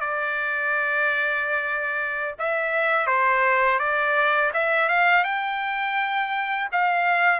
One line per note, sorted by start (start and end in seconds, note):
0.00 2.35 D5
2.39 3.06 E5
3.06 3.79 C5
3.79 4.51 D5
4.53 4.89 E5
4.89 5.24 F5
5.24 6.68 G5
6.72 7.40 F5